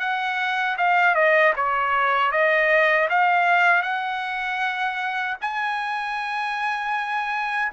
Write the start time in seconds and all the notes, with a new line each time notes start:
0.00 F#5
0.78 F5
1.15 D#5
1.57 C#5
2.32 D#5
3.10 F5
3.83 F#5
5.42 G#5